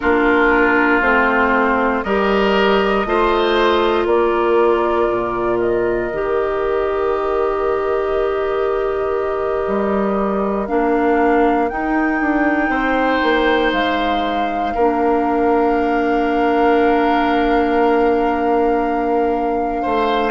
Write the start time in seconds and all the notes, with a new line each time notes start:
0.00 A#3 D4 F4 A#4
1.01 A3 C4 C5
2.03 G3 G4 A#4 D#5
3.05 A3 F4 C5
4.05 A#3 A#4 D5
5.11 A#2
5.59 D#5
6.12 D#3 G4
9.67 G3
10.67 A#3 D4 F5
11.68 D#4 G5
12.20 D4
12.69 C4 C5
13.22 A#3
13.72 G#3 F5
14.75 A#3 D4 A#4
19.82 A3 C5